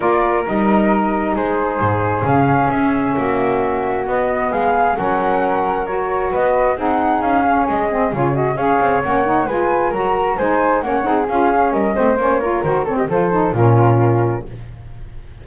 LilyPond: <<
  \new Staff \with { instrumentName = "flute" } { \time 4/4 \tempo 4 = 133 d''4 dis''2 c''4~ | c''4 f''4 e''2~ | e''4 dis''4 f''4 fis''4~ | fis''4 cis''4 dis''4 fis''4 |
f''4 dis''4 cis''8 dis''8 f''4 | fis''4 gis''4 ais''4 gis''4 | fis''4 f''4 dis''4 cis''4 | c''8 cis''16 dis''16 c''4 ais'2 | }
  \new Staff \with { instrumentName = "flute" } { \time 4/4 ais'2. gis'4~ | gis'2. fis'4~ | fis'2 gis'4 ais'4~ | ais'2 b'4 gis'4~ |
gis'2. cis''4~ | cis''4 b'4 ais'4 c''4 | cis''8 gis'4. ais'8 c''4 ais'8~ | ais'8 a'16 g'16 a'4 f'2 | }
  \new Staff \with { instrumentName = "saxophone" } { \time 4/4 f'4 dis'2.~ | dis'4 cis'2.~ | cis'4 b2 cis'4~ | cis'4 fis'2 dis'4~ |
dis'8 cis'4 c'8 f'8 fis'8 gis'4 | cis'8 dis'8 f'4 fis'4 dis'4 | cis'8 dis'8 f'8 cis'4 c'8 cis'8 f'8 | fis'8 c'8 f'8 dis'8 cis'2 | }
  \new Staff \with { instrumentName = "double bass" } { \time 4/4 ais4 g2 gis4 | gis,4 cis4 cis'4 ais4~ | ais4 b4 gis4 fis4~ | fis2 b4 c'4 |
cis'4 gis4 cis4 cis'8 c'8 | ais4 gis4 fis4 gis4 | ais8 c'8 cis'4 g8 a8 ais4 | dis4 f4 ais,2 | }
>>